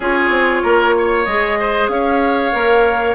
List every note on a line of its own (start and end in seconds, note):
0.00 0.29 C#4
0.00 1.27 F4
0.00 0.62 G#4
0.00 1.24 C#5
0.29 0.61 C4
0.62 1.26 A#3
0.62 0.94 A#4
0.97 1.59 C#5
1.24 1.88 G#3
1.24 2.52 G#4
1.24 1.87 D#5
1.59 1.90 C5
1.88 2.51 C#4
1.88 3.14 C#5
1.88 3.14 F5
2.52 3.14 A#3
2.52 3.14 A#4